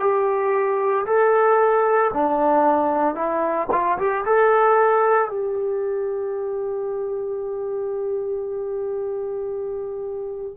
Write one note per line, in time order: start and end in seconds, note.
0.00 1.05 G4
1.06 2.11 A4
2.14 3.15 D4
3.15 3.68 E4
3.72 3.98 F4
3.99 4.25 G4
4.26 5.29 A4
5.29 10.55 G4